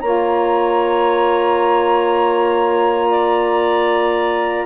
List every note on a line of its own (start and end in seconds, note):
0.00 4.66 A#3
0.00 4.66 F4
0.00 3.10 C#5
0.00 4.66 A#5
3.10 4.66 D5